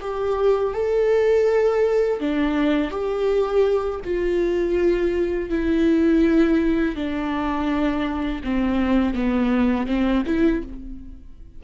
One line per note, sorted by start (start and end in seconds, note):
0.00 0.73 G4
0.74 2.20 A4
2.20 2.90 D4
2.90 4.00 G4
4.04 5.49 F4
5.49 6.95 E4
6.95 8.42 D4
8.43 9.14 C4
9.14 9.86 B3
9.86 10.23 C4
10.26 10.63 E4